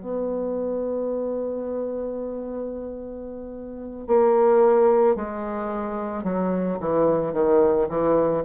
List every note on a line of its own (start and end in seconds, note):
0.00 4.07 B3
4.07 5.15 A#3
5.15 6.23 G#3
6.23 6.78 F#3
6.79 7.33 E3
7.33 7.87 D#3
7.88 8.43 E3